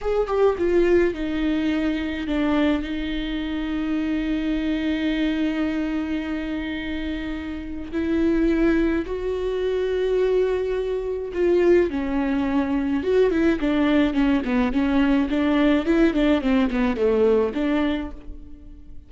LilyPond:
\new Staff \with { instrumentName = "viola" } { \time 4/4 \tempo 4 = 106 gis'8 g'8 f'4 dis'2 | d'4 dis'2.~ | dis'1~ | dis'2 e'2 |
fis'1 | f'4 cis'2 fis'8 e'8 | d'4 cis'8 b8 cis'4 d'4 | e'8 d'8 c'8 b8 a4 d'4 | }